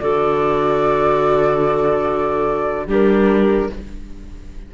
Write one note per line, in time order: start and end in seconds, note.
0.00 2.87 D3
0.00 2.88 F#4
0.00 2.88 A4
0.00 2.88 D5
2.87 3.70 G3
2.87 3.70 D4
2.87 3.70 G4
2.87 3.74 A#4